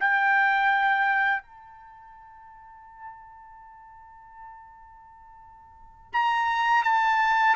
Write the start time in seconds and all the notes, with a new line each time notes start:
0.00 G5
1.43 A5
6.13 A#5
6.84 A5